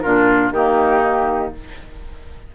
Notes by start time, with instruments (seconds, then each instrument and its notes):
0.00 bassoon A#2, clarinet D4, oboe F4, flute A#4
0.51 bassoon D#3, clarinet A#3, oboe D#4, flute G4